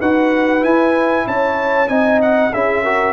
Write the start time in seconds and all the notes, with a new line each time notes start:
0.00 D#4 F#4 B4 F#5
0.61 E4 G#5
1.27 C#4 C#5 A5
1.88 C4 D#4 D#5 G#5
2.22 F#5
2.54 C#4 E4 G#4 E5
2.84 F#4 A#4